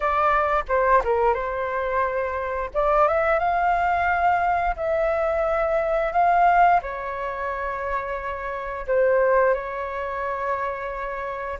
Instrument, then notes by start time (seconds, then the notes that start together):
flute
0.00 D5
0.68 C5
1.04 A#4
1.34 C5
2.74 D5
3.07 E5
3.39 F5
4.76 E5
6.12 F5
6.82 C#5
8.87 C5
9.54 C#5